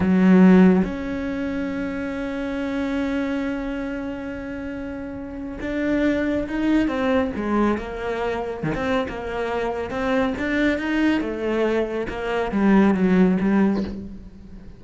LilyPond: \new Staff \with { instrumentName = "cello" } { \time 4/4 \tempo 4 = 139 fis2 cis'2~ | cis'1~ | cis'1~ | cis'4 d'2 dis'4 |
c'4 gis4 ais2 | dis16 c'8. ais2 c'4 | d'4 dis'4 a2 | ais4 g4 fis4 g4 | }